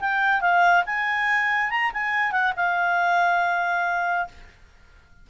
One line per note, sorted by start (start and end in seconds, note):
0.00 0.41 G5
0.41 0.84 F5
0.86 1.70 G#5
1.70 1.91 A#5
1.93 2.31 G#5
2.31 2.53 F#5
2.56 4.28 F5